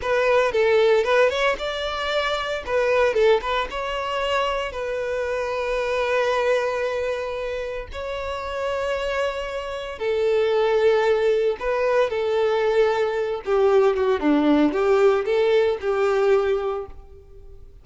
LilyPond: \new Staff \with { instrumentName = "violin" } { \time 4/4 \tempo 4 = 114 b'4 a'4 b'8 cis''8 d''4~ | d''4 b'4 a'8 b'8 cis''4~ | cis''4 b'2.~ | b'2. cis''4~ |
cis''2. a'4~ | a'2 b'4 a'4~ | a'4. g'4 fis'8 d'4 | g'4 a'4 g'2 | }